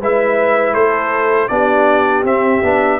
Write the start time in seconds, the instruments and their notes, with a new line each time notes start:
0.00 tuba G#3, trombone E4, horn B4, trumpet E5
0.73 tuba A3, horn A4, trumpet C5
1.48 tuba B3, trombone D4, horn G4, trumpet D5
2.23 tuba C4, trombone C4, trumpet E5
2.62 tuba B3, trombone D4